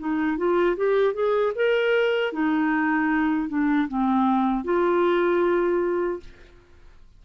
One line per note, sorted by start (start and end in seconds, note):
0.00 0.38 D#4
0.38 0.77 F4
0.77 1.14 G4
1.14 1.53 G#4
1.56 2.33 A#4
2.33 3.49 D#4
3.49 3.88 D4
3.89 4.64 C4
4.64 6.20 F4